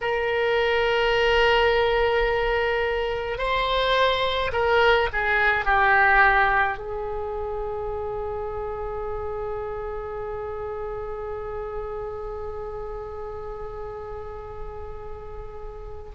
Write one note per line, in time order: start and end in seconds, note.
0.01 3.38 A#4
3.38 4.51 C5
4.52 5.08 A#4
5.13 5.65 G#4
5.65 6.78 G4
6.78 16.12 G#4